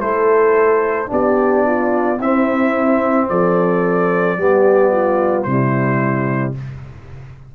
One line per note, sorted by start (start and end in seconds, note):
0.00 1.09 A3
0.00 1.06 E4
0.00 1.10 A4
0.00 1.09 C5
1.06 2.19 B3
1.06 2.15 D4
1.06 1.66 G4
1.06 2.20 D5
1.66 2.17 F4
2.17 3.28 C4
2.17 4.37 C4
2.17 3.26 E4
2.17 3.28 E5
3.28 4.37 F3
3.28 4.38 A4
3.28 5.42 D5
4.37 5.45 G3
4.37 5.46 B3
4.37 4.92 G4
4.92 5.45 F4
5.42 6.55 C3
5.42 6.55 G3
5.42 6.54 E4
5.42 6.52 C5